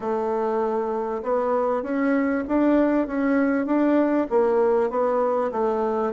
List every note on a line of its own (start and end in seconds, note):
0.00 1.22 A3
1.22 1.83 B3
1.83 2.44 C#4
2.47 3.07 D4
3.07 3.66 C#4
3.66 4.27 D4
4.30 4.90 A#3
4.90 5.51 B3
5.51 6.12 A3